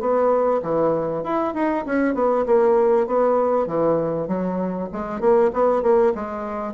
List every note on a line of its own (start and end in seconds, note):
0.00 0.61 B3
0.63 1.24 E3
1.24 1.54 E4
1.54 1.85 D#4
1.86 2.15 C#4
2.15 2.45 B3
2.46 3.07 A#3
3.07 3.67 B3
3.67 4.28 E3
4.28 4.89 F#3
4.92 5.20 G#3
5.20 5.51 A#3
5.53 5.82 B3
5.82 6.13 A#3
6.15 6.74 G#3